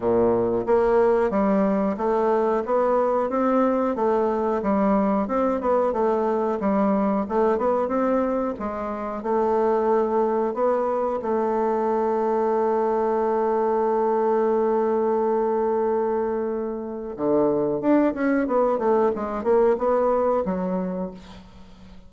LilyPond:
\new Staff \with { instrumentName = "bassoon" } { \time 4/4 \tempo 4 = 91 ais,4 ais4 g4 a4 | b4 c'4 a4 g4 | c'8 b8 a4 g4 a8 b8 | c'4 gis4 a2 |
b4 a2.~ | a1~ | a2 d4 d'8 cis'8 | b8 a8 gis8 ais8 b4 fis4 | }